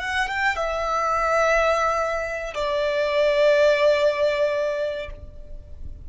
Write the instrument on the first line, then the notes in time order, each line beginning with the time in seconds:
violin
0.00 F#5
0.28 G5
0.57 E5
2.55 D5